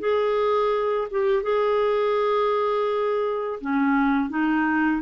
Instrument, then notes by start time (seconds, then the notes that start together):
clarinet
0.00 G#4
1.11 G4
1.43 G#4
3.61 C#4
4.30 D#4